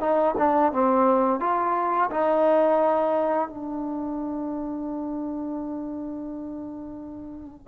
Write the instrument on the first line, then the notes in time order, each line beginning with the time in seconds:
trombone
0.00 D#4
0.37 D4
0.73 C4
1.40 F4
2.11 D#4
3.49 D4